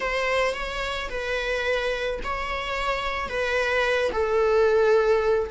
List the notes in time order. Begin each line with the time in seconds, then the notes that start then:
0.00 C5
0.54 C#5
1.09 B4
2.23 C#5
3.28 B4
4.12 A4